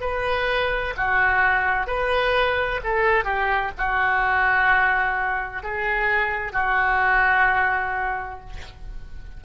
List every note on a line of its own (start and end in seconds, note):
0.00 0.94 B4
0.97 1.87 F#4
1.87 2.80 B4
2.83 3.24 A4
3.24 3.71 G4
3.78 5.63 F#4
5.63 6.52 G#4
6.52 8.39 F#4